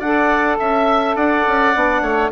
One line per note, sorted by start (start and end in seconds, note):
0.00 0.58 D4
0.00 1.74 A4
0.00 0.58 D5
0.00 0.58 F#5
0.59 1.16 C#4
0.59 1.16 E5
1.16 1.45 D4
1.16 2.03 D5
1.16 2.32 F#5
1.47 1.75 C#4
1.74 2.02 B3
1.74 2.32 D4
2.02 2.31 A3
2.02 2.31 C#5